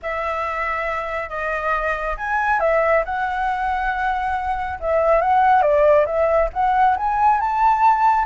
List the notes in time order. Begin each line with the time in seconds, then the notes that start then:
0.02 E5
1.29 D#5
2.17 G#5
2.60 E5
3.05 F#5
4.79 E5
5.21 F#5
5.62 D5
6.06 E5
6.53 F#5
6.96 G#5
7.40 A5